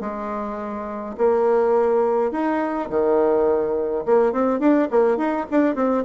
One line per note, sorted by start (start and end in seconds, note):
0.00 1.15 G#3
1.17 2.31 A#3
2.31 2.89 D#4
2.89 4.05 D#3
4.05 4.32 A#3
4.32 4.59 C4
4.59 4.88 D4
4.91 5.17 A#3
5.17 5.46 D#4
5.50 5.75 D4
5.75 6.04 C4